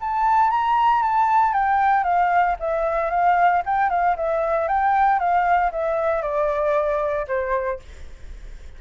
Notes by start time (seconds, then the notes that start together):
0.00 A5
0.50 A#5
1.02 A5
1.53 G5
2.03 F5
2.59 E5
3.10 F5
3.65 G5
3.89 F5
4.16 E5
4.67 G5
5.19 F5
5.71 E5
6.22 D5
7.27 C5